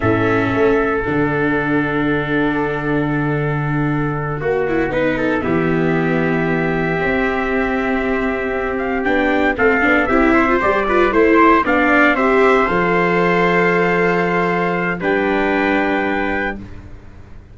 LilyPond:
<<
  \new Staff \with { instrumentName = "trumpet" } { \time 4/4 \tempo 4 = 116 e''2 fis''2~ | fis''1~ | fis''2~ fis''8 e''4.~ | e''1~ |
e''4 f''8 g''4 f''4 e''8~ | e''8 d''4 c''4 f''4 e''8~ | e''8 f''2.~ f''8~ | f''4 g''2. | }
  \new Staff \with { instrumentName = "trumpet" } { \time 4/4 a'1~ | a'1~ | a'8 fis'4 b'8 a'8 g'4.~ | g'1~ |
g'2~ g'8 a'4 g'8 | c''4 b'8 c''4 d''4 c''8~ | c''1~ | c''4 b'2. | }
  \new Staff \with { instrumentName = "viola" } { \time 4/4 cis'2 d'2~ | d'1~ | d'8 fis'8 e'8 dis'4 b4.~ | b4. c'2~ c'8~ |
c'4. d'4 c'8 d'8 e'8~ | e'16 f'16 g'8 f'8 e'4 d'4 g'8~ | g'8 a'2.~ a'8~ | a'4 d'2. | }
  \new Staff \with { instrumentName = "tuba" } { \time 4/4 a,4 a4 d2~ | d1~ | d8 ais4 b4 e4.~ | e4. c'2~ c'8~ |
c'4. b4 a8 b8 c'8~ | c'8 g4 a4 b4 c'8~ | c'8 f2.~ f8~ | f4 g2. | }
>>